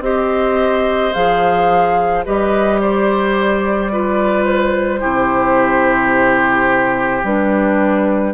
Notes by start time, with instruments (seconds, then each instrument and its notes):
0.00 bassoon C4, clarinet G4, oboe C5, flute D#5
1.13 bassoon F3, clarinet G#4, flute F5
2.25 bassoon G3, clarinet G4, oboe B4, flute D#5
2.81 oboe C5, flute D5
3.91 clarinet F4, oboe B4
4.45 flute C5
5.00 bassoon C3, clarinet E4, oboe G4
7.23 bassoon G3, clarinet D4, flute B4